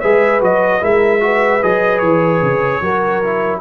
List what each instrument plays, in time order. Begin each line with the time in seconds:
0.00 tuba G#3, trombone G#4, horn B4, trumpet E5
0.41 tuba F#3, trombone F#4, trumpet D#5
0.81 tuba G#3, trombone E4, horn A#4, trumpet E5
1.20 trombone F#4, horn B4
1.62 tuba F#3, trombone G#4, trumpet D#5
1.98 tuba E3, trumpet C#5
2.42 tuba C#3
2.81 tuba F#3, trombone F#4, horn A#4
3.23 trombone E4